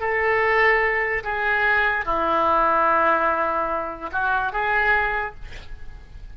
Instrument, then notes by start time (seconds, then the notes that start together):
oboe
0.00 A4
1.24 G#4
2.05 E4
4.12 F#4
4.52 G#4